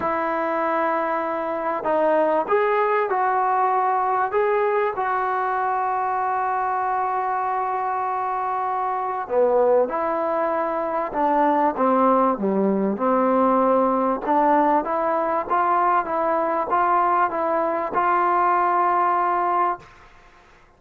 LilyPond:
\new Staff \with { instrumentName = "trombone" } { \time 4/4 \tempo 4 = 97 e'2. dis'4 | gis'4 fis'2 gis'4 | fis'1~ | fis'2. b4 |
e'2 d'4 c'4 | g4 c'2 d'4 | e'4 f'4 e'4 f'4 | e'4 f'2. | }